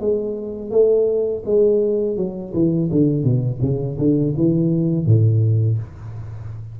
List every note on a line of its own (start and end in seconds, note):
0.00 0.71 G#3
0.71 1.43 A3
1.46 2.17 G#3
2.17 2.53 F#3
2.54 2.90 E3
2.91 3.24 D3
3.24 3.60 B2
3.61 3.98 C#3
3.98 4.34 D3
4.37 5.06 E3
5.06 5.78 A2